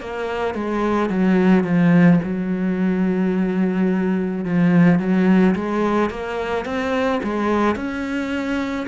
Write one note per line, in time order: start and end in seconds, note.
0.00 0.54 A#3
0.54 1.10 G#3
1.10 1.64 F#3
1.64 2.19 F3
2.23 4.44 F#3
4.44 4.99 F3
4.99 5.55 F#3
5.55 6.10 G#3
6.10 6.65 A#3
6.65 7.20 C4
7.23 7.75 G#3
7.75 8.86 C#4